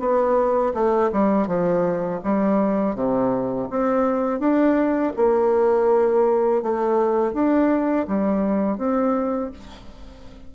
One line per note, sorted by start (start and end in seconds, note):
0.00 0.73 B3
0.75 1.11 A3
1.13 1.48 G3
1.48 2.21 F3
2.24 2.96 G3
2.96 3.69 C3
3.71 4.40 C4
4.40 5.13 D4
5.17 6.63 A#3
6.63 7.33 A3
7.33 8.07 D4
8.08 8.78 G3
8.78 9.51 C4